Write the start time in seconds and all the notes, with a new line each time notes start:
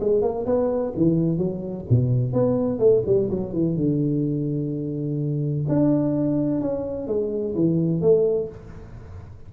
0.00 G#3
0.21 A#3
0.45 B3
0.96 E3
1.37 F#3
1.90 B2
2.33 B3
2.79 A3
3.06 G3
3.30 F#3
3.53 E3
3.76 D3
5.68 D4
6.61 C#4
7.07 G#3
7.55 E3
8.01 A3